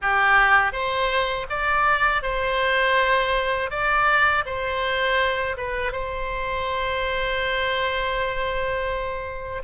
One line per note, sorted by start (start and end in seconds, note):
0.01 0.72 G4
0.72 1.46 C5
1.49 2.22 D5
2.22 3.70 C5
3.70 4.44 D5
4.45 5.56 C5
5.57 5.92 B4
5.92 9.62 C5